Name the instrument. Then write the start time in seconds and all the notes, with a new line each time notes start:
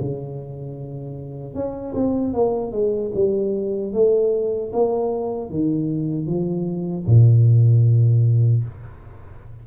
tuba
0.00 C#3
1.54 C#4
1.94 C4
2.33 A#3
2.72 G#3
3.14 G3
3.93 A3
4.72 A#3
5.50 D#3
6.27 F3
7.06 A#2